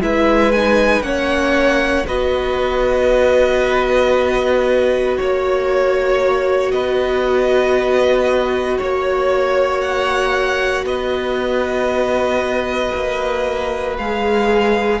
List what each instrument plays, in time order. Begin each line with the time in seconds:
0.00 cello G#3, viola E4, violin B4 E5
0.51 viola D#4, violin G#5
1.01 cello A#3, viola C#4, violin C#5 F#5
2.07 cello B3, viola F#4, violin B4 D#5
5.17 cello A#3, violin C#5
6.71 cello B3, violin B4 D#5
8.77 cello A#3, violin C#5
9.81 violin F#5
10.84 cello B3, violin B4 D#5
12.94 cello A#3
13.97 cello G#3, viola G#4, violin F5